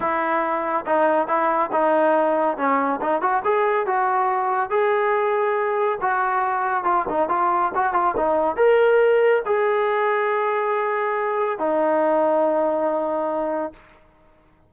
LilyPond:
\new Staff \with { instrumentName = "trombone" } { \time 4/4 \tempo 4 = 140 e'2 dis'4 e'4 | dis'2 cis'4 dis'8 fis'8 | gis'4 fis'2 gis'4~ | gis'2 fis'2 |
f'8 dis'8 f'4 fis'8 f'8 dis'4 | ais'2 gis'2~ | gis'2. dis'4~ | dis'1 | }